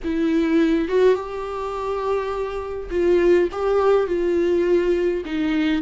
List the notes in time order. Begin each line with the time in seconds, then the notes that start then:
0.04 E4
0.88 F#4
1.14 G4
2.90 F4
3.51 G4
4.06 F4
5.25 D#4